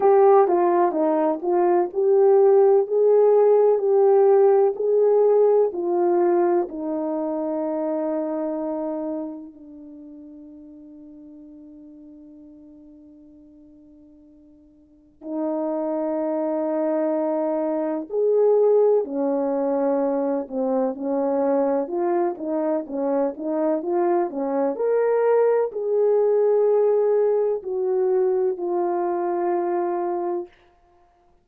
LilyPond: \new Staff \with { instrumentName = "horn" } { \time 4/4 \tempo 4 = 63 g'8 f'8 dis'8 f'8 g'4 gis'4 | g'4 gis'4 f'4 dis'4~ | dis'2 d'2~ | d'1 |
dis'2. gis'4 | cis'4. c'8 cis'4 f'8 dis'8 | cis'8 dis'8 f'8 cis'8 ais'4 gis'4~ | gis'4 fis'4 f'2 | }